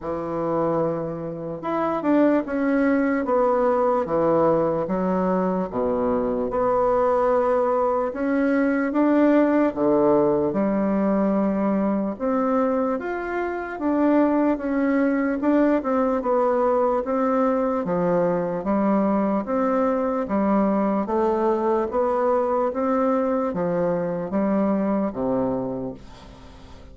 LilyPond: \new Staff \with { instrumentName = "bassoon" } { \time 4/4 \tempo 4 = 74 e2 e'8 d'8 cis'4 | b4 e4 fis4 b,4 | b2 cis'4 d'4 | d4 g2 c'4 |
f'4 d'4 cis'4 d'8 c'8 | b4 c'4 f4 g4 | c'4 g4 a4 b4 | c'4 f4 g4 c4 | }